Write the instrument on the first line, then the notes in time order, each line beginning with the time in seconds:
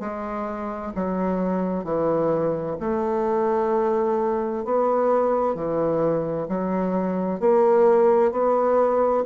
bassoon
0.00 G#3
0.95 F#3
1.84 E3
2.80 A3
4.65 B3
5.55 E3
6.48 F#3
7.40 A#3
8.31 B3